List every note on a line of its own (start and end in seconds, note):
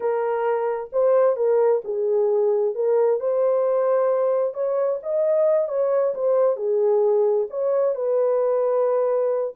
0.00 0.90 A#4
0.92 1.36 C5
1.36 1.82 A#4
1.84 2.74 G#4
2.74 3.20 A#4
3.20 4.54 C5
4.54 4.99 C#5
5.02 5.68 D#5
5.68 6.14 C#5
6.14 6.56 C5
6.56 7.47 G#4
7.50 7.95 C#5
7.95 9.54 B4